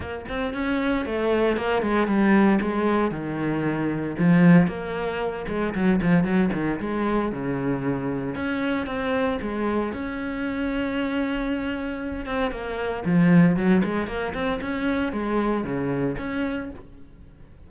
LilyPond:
\new Staff \with { instrumentName = "cello" } { \time 4/4 \tempo 4 = 115 ais8 c'8 cis'4 a4 ais8 gis8 | g4 gis4 dis2 | f4 ais4. gis8 fis8 f8 | fis8 dis8 gis4 cis2 |
cis'4 c'4 gis4 cis'4~ | cis'2.~ cis'8 c'8 | ais4 f4 fis8 gis8 ais8 c'8 | cis'4 gis4 cis4 cis'4 | }